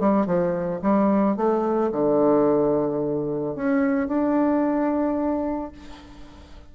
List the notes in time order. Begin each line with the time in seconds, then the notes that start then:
0.00 G3
0.27 F3
0.82 G3
1.37 A3
1.92 D3
3.56 C#4
4.08 D4